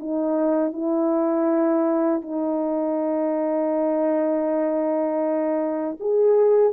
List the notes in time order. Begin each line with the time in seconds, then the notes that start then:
0.00 D#4
0.73 E4
2.22 D#4
6.00 G#4